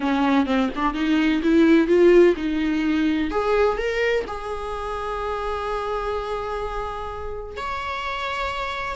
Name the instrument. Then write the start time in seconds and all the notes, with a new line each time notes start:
viola
0.00 C#4
0.46 C4
0.75 D4
0.94 D#4
1.42 E4
1.87 F4
2.36 D#4
3.30 G#4
3.77 A#4
4.27 G#4
7.57 C#5